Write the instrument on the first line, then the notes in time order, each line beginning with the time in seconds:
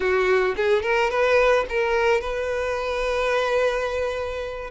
violin
0.00 F#4
0.56 G#4
0.82 A#4
1.10 B4
1.69 A#4
2.20 B4